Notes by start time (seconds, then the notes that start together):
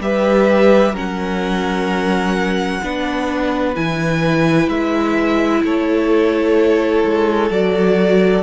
0.00 G3 G4 B4 E5
0.93 F#3 C#4 A#4 F#5
2.83 B3 D4 B4
3.75 E3 E4 G#5
4.68 G#3 E5
5.63 A3 A4 C#5
7.04 G#3
7.50 F#3 F#4 D5